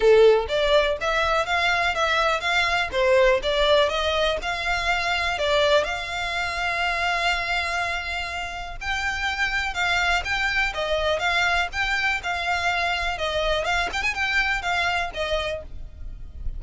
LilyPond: \new Staff \with { instrumentName = "violin" } { \time 4/4 \tempo 4 = 123 a'4 d''4 e''4 f''4 | e''4 f''4 c''4 d''4 | dis''4 f''2 d''4 | f''1~ |
f''2 g''2 | f''4 g''4 dis''4 f''4 | g''4 f''2 dis''4 | f''8 g''16 gis''16 g''4 f''4 dis''4 | }